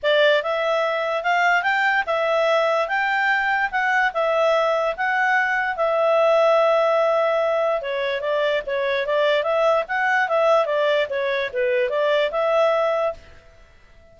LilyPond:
\new Staff \with { instrumentName = "clarinet" } { \time 4/4 \tempo 4 = 146 d''4 e''2 f''4 | g''4 e''2 g''4~ | g''4 fis''4 e''2 | fis''2 e''2~ |
e''2. cis''4 | d''4 cis''4 d''4 e''4 | fis''4 e''4 d''4 cis''4 | b'4 d''4 e''2 | }